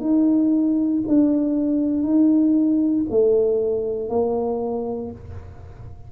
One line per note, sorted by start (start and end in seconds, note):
0.00 1.02 D#4
1.07 2.02 D4
2.02 3.04 D#4
3.10 4.09 A3
4.09 5.11 A#3